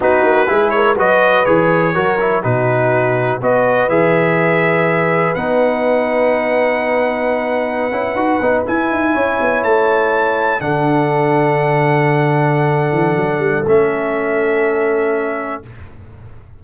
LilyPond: <<
  \new Staff \with { instrumentName = "trumpet" } { \time 4/4 \tempo 4 = 123 b'4. cis''8 dis''4 cis''4~ | cis''4 b'2 dis''4 | e''2. fis''4~ | fis''1~ |
fis''4.~ fis''16 gis''2 a''16~ | a''4.~ a''16 fis''2~ fis''16~ | fis''1 | e''1 | }
  \new Staff \with { instrumentName = "horn" } { \time 4/4 fis'4 gis'8 ais'8 b'2 | ais'4 fis'2 b'4~ | b'1~ | b'1~ |
b'2~ b'8. cis''4~ cis''16~ | cis''4.~ cis''16 a'2~ a'16~ | a'1~ | a'1 | }
  \new Staff \with { instrumentName = "trombone" } { \time 4/4 dis'4 e'4 fis'4 gis'4 | fis'8 e'8 dis'2 fis'4 | gis'2. dis'4~ | dis'1~ |
dis'16 e'8 fis'8 dis'8 e'2~ e'16~ | e'4.~ e'16 d'2~ d'16~ | d'1 | cis'1 | }
  \new Staff \with { instrumentName = "tuba" } { \time 4/4 b8 ais8 gis4 fis4 e4 | fis4 b,2 b4 | e2. b4~ | b1~ |
b16 cis'8 dis'8 b8 e'8 dis'8 cis'8 b8 a16~ | a4.~ a16 d2~ d16~ | d2~ d8 e8 fis8 g8 | a1 | }
>>